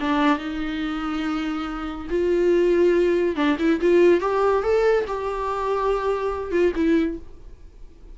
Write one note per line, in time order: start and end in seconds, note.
0.00 0.38 D4
0.38 2.07 D#4
2.10 3.36 F4
3.36 3.57 D4
3.59 3.80 E4
3.80 4.20 F4
4.20 4.63 G4
4.63 5.05 A4
5.07 6.51 G4
6.51 6.72 F4
6.75 7.18 E4